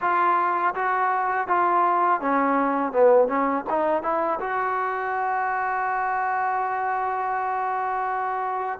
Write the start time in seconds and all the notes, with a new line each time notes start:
0.01 F4
0.75 F#4
1.47 F4
2.20 C#4
2.92 B3
3.28 C#4
3.70 D#4
4.02 E4
4.40 F#4